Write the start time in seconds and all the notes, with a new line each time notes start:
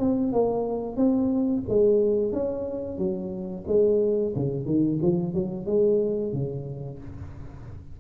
0.00 C4
0.33 A#3
0.97 C4
1.69 G#3
2.32 C#4
2.98 F#3
3.68 G#3
4.36 C#3
4.66 D#3
5.02 F3
5.35 F#3
5.66 G#3
6.33 C#3